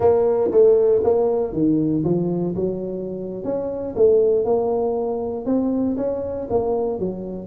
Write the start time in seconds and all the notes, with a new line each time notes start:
0.00 A#3
0.51 A3
1.03 A#3
1.53 D#3
2.04 F3
2.55 F#3
3.43 C#4
3.95 A3
4.44 A#3
5.45 C4
5.97 C#4
6.49 A#3
6.99 F#3